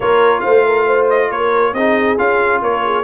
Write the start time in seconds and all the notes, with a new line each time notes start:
0.00 A#3 F4 A#4 C#5
0.40 A3 C5 F5
0.66 A#4
0.86 C5
1.09 D#5
1.30 A#3 A#4 C#5
1.73 C4 D#4 G#4 D#5
2.18 C#4 F4 F5
2.61 A#3 A#4 C#5
2.84 G#4